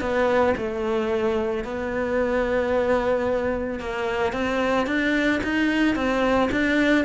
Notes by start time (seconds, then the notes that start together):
0.00 B3
0.57 A3
1.64 B3
3.80 A#3
4.32 C4
4.86 D4
5.43 D#4
5.95 C4
6.51 D4